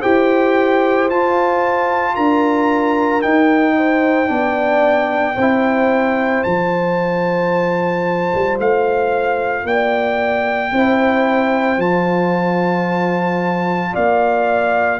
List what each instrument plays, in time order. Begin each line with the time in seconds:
0.00 tuba E4, trombone G4, horn C5, trumpet G5
1.10 tuba F4, trombone F4, trumpet A5
2.15 tuba D4, horn A#4, trumpet A#5
3.22 trombone D#4, tuba D#4, trumpet G5
3.77 horn C5
4.26 tuba B3, trombone D4, horn D5
5.36 tuba C4, trombone E4, horn C5
6.43 tuba F3, trombone F4, trumpet A5
8.34 tuba G3
8.59 tuba A3, trumpet F5
9.63 tuba A#3, horn D5, trumpet G5
10.72 tuba C4, trombone E4, horn C5
11.78 tuba F3, trombone F4, trumpet A5
13.93 tuba A#3, horn D5, trumpet F5